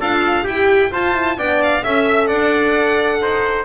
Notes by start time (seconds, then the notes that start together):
0.00 D4 F4 A4 F5
0.44 E4 G4 G5
0.92 F4 C5 A5
1.14 E4
1.38 B3 D4 D5 G5
1.63 F5
1.83 C#4 A4 E5
2.27 D4 D5 F#5
3.22 D#4 C5